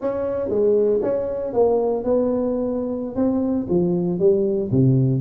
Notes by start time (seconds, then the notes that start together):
0.01 C#4
0.49 G#3
1.02 C#4
1.53 A#3
2.04 B3
3.15 C4
3.69 F3
4.19 G3
4.71 C3